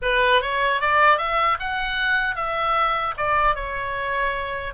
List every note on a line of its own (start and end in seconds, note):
0.02 0.41 B4
0.41 0.80 C#5
0.80 1.18 D5
1.18 1.57 E5
1.59 2.35 F#5
2.35 3.14 E5
3.17 3.55 D5
3.55 4.73 C#5